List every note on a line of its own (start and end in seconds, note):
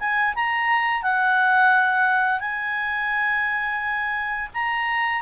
0.00 0.35 G#5
0.36 1.03 A#5
1.03 2.41 F#5
2.41 4.50 G#5
4.54 5.22 A#5